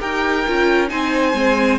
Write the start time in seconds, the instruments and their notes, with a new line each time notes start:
0.00 cello D#4, viola G4, violin A#4 G5
0.48 cello C#4, viola F4
0.89 cello C4, viola D#4, violin C5 G#5
1.34 cello G#3, viola C4